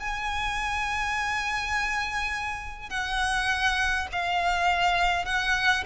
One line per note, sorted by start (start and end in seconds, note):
0.00 2.90 G#5
2.90 4.07 F#5
4.12 5.25 F5
5.25 5.84 F#5